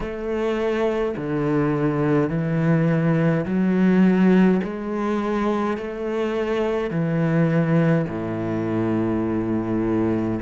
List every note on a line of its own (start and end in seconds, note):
0.00 1.15 A3
1.16 2.29 D3
2.29 3.45 E3
3.45 4.60 F#3
4.63 5.77 G#3
5.77 6.90 A3
6.90 8.05 E3
8.08 10.38 A2